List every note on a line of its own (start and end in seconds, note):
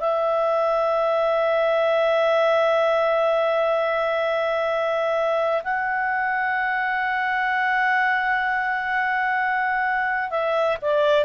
0.00 5.62 E5
5.63 10.30 F#5
10.30 10.77 E5
10.82 11.25 D5